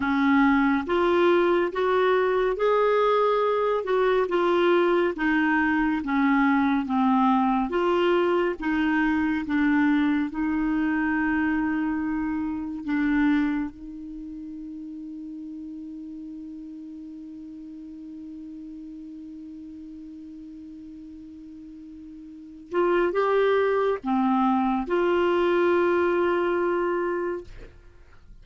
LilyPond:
\new Staff \with { instrumentName = "clarinet" } { \time 4/4 \tempo 4 = 70 cis'4 f'4 fis'4 gis'4~ | gis'8 fis'8 f'4 dis'4 cis'4 | c'4 f'4 dis'4 d'4 | dis'2. d'4 |
dis'1~ | dis'1~ | dis'2~ dis'8 f'8 g'4 | c'4 f'2. | }